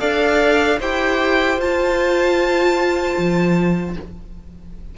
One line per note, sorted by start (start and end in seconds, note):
0.00 0.80 D4
0.00 0.79 A4
0.00 0.79 D5
0.00 0.79 F5
0.79 1.57 E4
0.79 1.59 G4
0.79 3.95 C5
0.79 1.61 G5
1.57 3.15 F4
1.57 3.96 F4
1.57 3.98 A5
3.18 3.97 F3